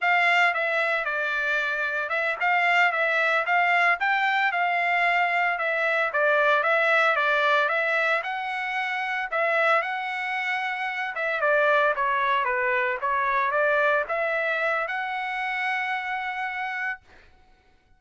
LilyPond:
\new Staff \with { instrumentName = "trumpet" } { \time 4/4 \tempo 4 = 113 f''4 e''4 d''2 | e''8 f''4 e''4 f''4 g''8~ | g''8 f''2 e''4 d''8~ | d''8 e''4 d''4 e''4 fis''8~ |
fis''4. e''4 fis''4.~ | fis''4 e''8 d''4 cis''4 b'8~ | b'8 cis''4 d''4 e''4. | fis''1 | }